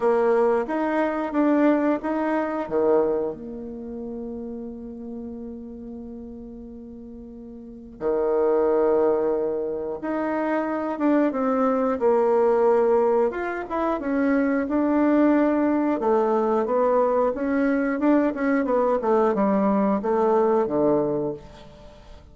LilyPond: \new Staff \with { instrumentName = "bassoon" } { \time 4/4 \tempo 4 = 90 ais4 dis'4 d'4 dis'4 | dis4 ais2.~ | ais1 | dis2. dis'4~ |
dis'8 d'8 c'4 ais2 | f'8 e'8 cis'4 d'2 | a4 b4 cis'4 d'8 cis'8 | b8 a8 g4 a4 d4 | }